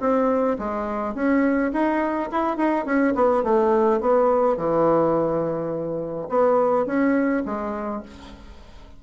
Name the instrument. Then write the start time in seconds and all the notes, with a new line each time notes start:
bassoon
0.00 C4
0.58 G#3
1.14 C#4
1.72 D#4
2.31 E4
2.57 D#4
2.85 C#4
3.15 B3
3.43 A3
4.00 B3
4.57 E3
6.29 B3
6.86 C#4
7.45 G#3